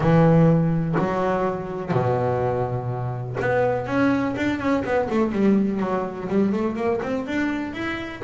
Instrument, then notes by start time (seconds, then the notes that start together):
double bass
0.00 E3
0.98 F#3
1.91 B2
3.40 B3
3.86 C#4
4.36 D4
4.59 C#4
4.84 B3
5.09 A3
5.32 G3
5.79 F#3
6.28 G3
6.52 A3
6.76 A#3
7.02 C4
7.26 D4
7.73 E4